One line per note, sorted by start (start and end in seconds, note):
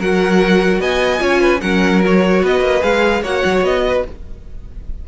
0.00 0.80 F#3
0.00 1.19 F#4
0.00 0.81 A#4
0.00 0.82 F#5
0.80 1.21 B3
0.80 1.22 D#5
0.80 1.61 G#5
1.19 1.62 C#4
1.19 1.60 F4
1.19 1.41 C#5
1.41 1.61 B4
1.61 2.43 F#3
1.61 2.03 C#4
1.61 2.43 A#4
1.61 2.02 F#5
2.05 2.82 F#4
2.05 2.46 C#5
2.43 2.61 B3
2.43 3.23 B4
2.43 2.83 D#5
2.61 2.82 A#3
2.82 3.23 G#3
2.82 3.22 G#4
2.82 3.24 F5
3.23 3.43 A#3
3.23 4.06 F#4
3.23 3.84 C#5
3.23 3.65 F#5
3.45 3.62 F#3
3.62 4.03 B3
3.62 4.06 D#5
3.88 4.08 B4